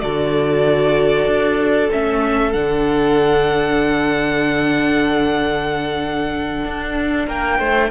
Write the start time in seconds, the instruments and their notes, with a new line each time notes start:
0.00 cello D3, viola F#4, violin A4 D5
1.26 cello D4
1.92 cello A3, viola C#4, violin E5
2.53 cello D3, viola D4, violin F#5
6.65 cello D4
7.26 cello A#3, violin A#4 G5
7.58 cello A3, violin C5